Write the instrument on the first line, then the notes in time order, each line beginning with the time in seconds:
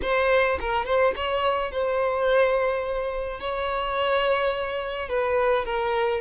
violin
0.02 C5
0.60 A#4
0.85 C5
1.16 C#5
1.71 C5
3.40 C#5
5.08 B4
5.65 A#4